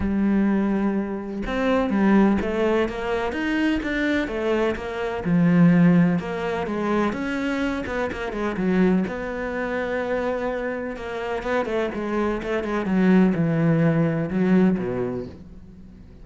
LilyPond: \new Staff \with { instrumentName = "cello" } { \time 4/4 \tempo 4 = 126 g2. c'4 | g4 a4 ais4 dis'4 | d'4 a4 ais4 f4~ | f4 ais4 gis4 cis'4~ |
cis'8 b8 ais8 gis8 fis4 b4~ | b2. ais4 | b8 a8 gis4 a8 gis8 fis4 | e2 fis4 b,4 | }